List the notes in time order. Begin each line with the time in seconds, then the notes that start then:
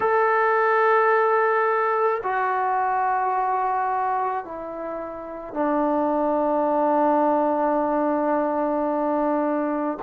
0.00 A4
2.23 F#4
4.44 E4
5.53 D4